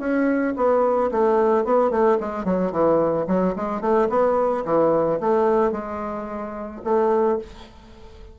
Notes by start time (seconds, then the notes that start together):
0.00 C#4
0.57 B3
1.12 A3
1.65 B3
1.91 A3
2.21 G#3
2.45 F#3
2.72 E3
3.28 F#3
3.56 G#3
3.82 A3
4.10 B3
4.65 E3
5.21 A3
5.72 G#3
6.85 A3